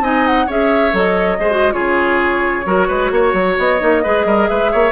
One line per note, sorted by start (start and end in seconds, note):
0.00 0.46 C4
0.00 0.47 D#4
0.00 0.46 D#5
0.00 0.27 G#5
0.27 0.49 F#5
0.46 0.93 C#4
0.46 0.92 G#4
0.46 1.38 C#5
0.46 0.96 E5
0.92 1.39 F#3
0.92 1.38 A4
0.92 1.72 D#5
1.39 1.73 G#3
1.39 1.50 G#4
1.39 1.73 C5
1.50 1.72 F#4
1.72 2.65 C#3
1.72 2.63 F4
1.72 2.65 G#4
1.72 3.55 C#5
2.65 2.88 F#3
2.65 3.79 F#4
2.65 2.87 A#4
2.87 3.10 G#3
2.87 3.10 B4
3.10 3.33 A#3
3.10 4.03 C#5
3.33 3.56 F#3
3.58 3.81 B3
3.58 4.48 D#5
3.79 4.04 A#3
3.79 4.02 D#4
4.03 4.25 G#3
4.03 4.91 G#4
4.03 4.26 B4
4.25 4.48 G3
4.25 4.49 A#4
4.48 4.73 G#3
4.48 4.71 B4
4.48 4.91 E5
4.71 4.91 A#3
4.71 4.91 C#5